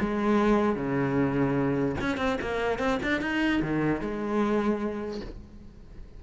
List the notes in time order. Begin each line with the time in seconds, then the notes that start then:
0.00 G#3
0.76 C#3
2.01 C#4
2.17 C4
2.42 A#3
2.79 C4
3.03 D4
3.21 D#4
3.62 D#3
4.01 G#3